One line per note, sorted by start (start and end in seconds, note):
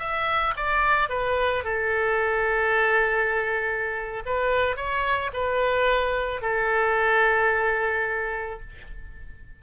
0.00 0.55 E5
0.57 1.10 D5
1.10 1.64 B4
1.65 4.24 A4
4.26 4.77 B4
4.77 5.32 C#5
5.34 6.42 B4
6.42 8.60 A4